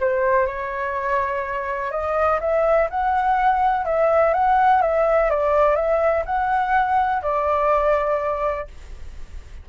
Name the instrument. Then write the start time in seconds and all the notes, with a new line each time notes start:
flute
0.00 C5
0.46 C#5
1.91 D#5
2.40 E5
2.90 F#5
3.85 E5
4.34 F#5
4.82 E5
5.30 D5
5.76 E5
6.26 F#5
7.23 D5